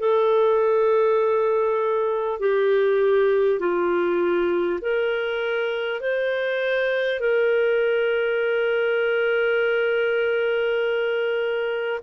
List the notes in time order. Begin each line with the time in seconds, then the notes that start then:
0.00 A4
2.39 G4
3.60 F4
4.81 A#4
6.01 C5
7.20 A#4